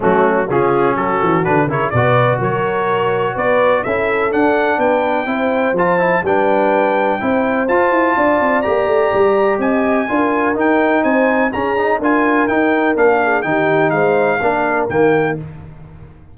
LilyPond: <<
  \new Staff \with { instrumentName = "trumpet" } { \time 4/4 \tempo 4 = 125 fis'4 gis'4 a'4 b'8 cis''8 | d''4 cis''2 d''4 | e''4 fis''4 g''2 | a''4 g''2. |
a''2 ais''2 | gis''2 g''4 gis''4 | ais''4 gis''4 g''4 f''4 | g''4 f''2 g''4 | }
  \new Staff \with { instrumentName = "horn" } { \time 4/4 cis'4 f'4 fis'4. ais'8 | b'4 ais'2 b'4 | a'2 b'4 c''4~ | c''4 b'2 c''4~ |
c''4 d''2. | dis''4 ais'2 c''4 | gis'4 ais'2~ ais'8 gis'8 | g'4 c''4 ais'2 | }
  \new Staff \with { instrumentName = "trombone" } { \time 4/4 a4 cis'2 d'8 e'8 | fis'1 | e'4 d'2 e'4 | f'8 e'8 d'2 e'4 |
f'2 g'2~ | g'4 f'4 dis'2 | cis'8 dis'8 f'4 dis'4 d'4 | dis'2 d'4 ais4 | }
  \new Staff \with { instrumentName = "tuba" } { \time 4/4 fis4 cis4 fis8 e8 d8 cis8 | b,4 fis2 b4 | cis'4 d'4 b4 c'4 | f4 g2 c'4 |
f'8 e'8 d'8 c'8 ais8 a8 g4 | c'4 d'4 dis'4 c'4 | cis'4 d'4 dis'4 ais4 | dis4 gis4 ais4 dis4 | }
>>